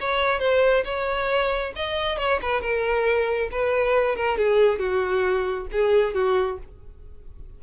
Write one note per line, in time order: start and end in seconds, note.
0.00 0.39 C#5
0.39 0.83 C5
0.84 1.72 C#5
1.75 2.18 D#5
2.18 2.40 C#5
2.41 2.61 B4
2.61 3.49 A#4
3.51 4.16 B4
4.16 4.38 A#4
4.38 4.79 G#4
4.79 5.67 F#4
5.72 6.14 G#4
6.14 6.58 F#4